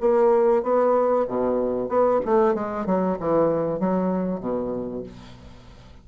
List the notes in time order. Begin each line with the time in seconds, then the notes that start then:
0.00 A#3
0.63 B3
1.27 B2
1.88 B3
2.25 A3
2.54 G#3
2.86 F#3
3.19 E3
3.80 F#3
4.40 B2